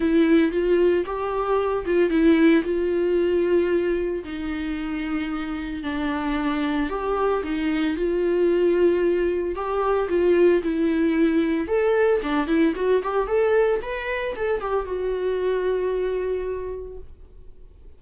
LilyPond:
\new Staff \with { instrumentName = "viola" } { \time 4/4 \tempo 4 = 113 e'4 f'4 g'4. f'8 | e'4 f'2. | dis'2. d'4~ | d'4 g'4 dis'4 f'4~ |
f'2 g'4 f'4 | e'2 a'4 d'8 e'8 | fis'8 g'8 a'4 b'4 a'8 g'8 | fis'1 | }